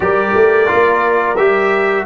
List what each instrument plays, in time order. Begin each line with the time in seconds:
0.00 tuba G3, trombone G4, horn A#4, trumpet D5
0.34 tuba A3
0.66 trombone F4
0.73 tuba A#3
1.36 tuba G3, trombone G4, trumpet E5